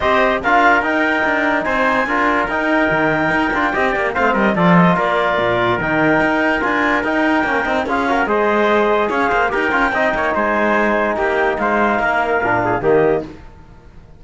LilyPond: <<
  \new Staff \with { instrumentName = "clarinet" } { \time 4/4 \tempo 4 = 145 dis''4 f''4 g''2 | gis''2 g''2~ | g''2 f''8 dis''8 d''8 dis''8 | d''2 g''2 |
gis''4 g''2 f''4 | dis''2 f''4 g''4~ | g''4 gis''2 g''4 | f''2. dis''4 | }
  \new Staff \with { instrumentName = "trumpet" } { \time 4/4 c''4 ais'2. | c''4 ais'2.~ | ais'4 dis''8 d''8 c''8 ais'8 a'4 | ais'1~ |
ais'2. gis'8 ais'8 | c''2 cis''8 c''8 ais'4 | dis''8 cis''8 c''2 g'4 | c''4 ais'4. gis'8 g'4 | }
  \new Staff \with { instrumentName = "trombone" } { \time 4/4 g'4 f'4 dis'2~ | dis'4 f'4 dis'2~ | dis'8 f'8 g'4 c'4 f'4~ | f'2 dis'2 |
f'4 dis'4 cis'8 dis'8 f'8 fis'8 | gis'2. g'8 f'8 | dis'1~ | dis'2 d'4 ais4 | }
  \new Staff \with { instrumentName = "cello" } { \time 4/4 c'4 d'4 dis'4 d'4 | c'4 d'4 dis'4 dis4 | dis'8 d'8 c'8 ais8 a8 g8 f4 | ais4 ais,4 dis4 dis'4 |
d'4 dis'4 ais8 c'8 cis'4 | gis2 cis'8 ais8 dis'8 cis'8 | c'8 ais8 gis2 ais4 | gis4 ais4 ais,4 dis4 | }
>>